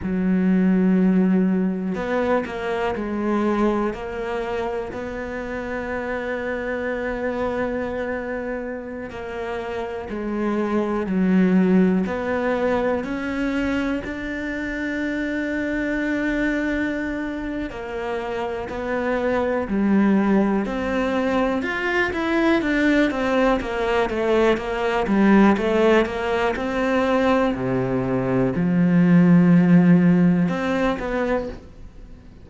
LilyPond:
\new Staff \with { instrumentName = "cello" } { \time 4/4 \tempo 4 = 61 fis2 b8 ais8 gis4 | ais4 b2.~ | b4~ b16 ais4 gis4 fis8.~ | fis16 b4 cis'4 d'4.~ d'16~ |
d'2 ais4 b4 | g4 c'4 f'8 e'8 d'8 c'8 | ais8 a8 ais8 g8 a8 ais8 c'4 | c4 f2 c'8 b8 | }